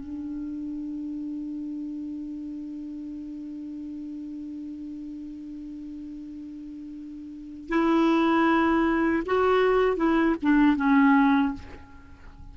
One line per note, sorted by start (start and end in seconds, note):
0.00 7.69 D4
7.69 9.23 E4
9.26 9.97 F#4
9.97 10.35 E4
10.42 10.77 D4
10.77 11.53 C#4